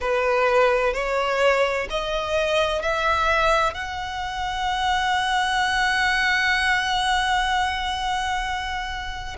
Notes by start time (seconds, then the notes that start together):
0.00 B4
0.93 C#5
1.90 D#5
2.81 E5
3.74 F#5